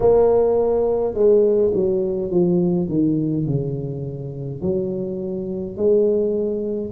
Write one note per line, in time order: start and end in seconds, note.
0.00 1.13 A#3
1.13 1.71 G#3
1.74 2.30 F#3
2.30 2.88 F3
2.88 3.46 D#3
3.46 4.61 C#3
4.62 5.76 F#3
5.76 6.92 G#3